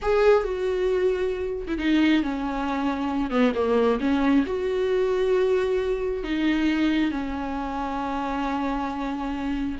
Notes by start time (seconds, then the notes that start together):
0.02 G#4
0.43 F#4
1.67 E4
1.78 D#4
2.22 C#4
3.30 B3
3.54 A#3
4.00 C#4
4.46 F#4
6.23 D#4
7.11 C#4